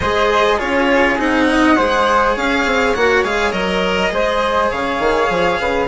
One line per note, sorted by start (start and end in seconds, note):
0.00 0.59 G#3
0.00 0.58 G#4
0.00 0.57 C5
0.00 0.59 D#5
0.57 1.18 C#4
0.57 1.17 F4
0.57 1.45 G#4
0.57 1.18 C#5
1.18 1.77 C4
1.18 1.77 D#4
1.18 2.37 F#5
1.48 1.76 D#5
1.76 2.36 G#3
1.76 2.95 G#4
1.76 2.34 C5
2.34 2.65 C#4
2.34 4.10 C#5
2.34 2.94 F5
2.65 2.95 C4
2.94 3.24 A#3
2.94 3.24 F#4
2.94 3.23 F#5
3.24 3.52 G#3
3.24 3.52 G#4
3.24 3.52 F5
3.52 4.11 F#3
3.52 4.10 A#4
3.52 4.69 D#5
4.10 4.70 G#3
4.10 5.87 G#4
4.10 4.70 C5
4.70 4.99 C#3
4.70 5.59 C#5
4.70 5.88 F5
4.99 5.28 D#3
5.29 5.59 F3
5.59 5.88 C#3
5.59 5.88 B4